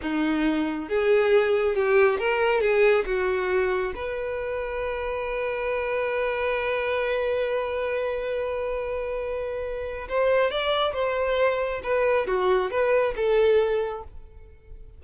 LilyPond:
\new Staff \with { instrumentName = "violin" } { \time 4/4 \tempo 4 = 137 dis'2 gis'2 | g'4 ais'4 gis'4 fis'4~ | fis'4 b'2.~ | b'1~ |
b'1~ | b'2. c''4 | d''4 c''2 b'4 | fis'4 b'4 a'2 | }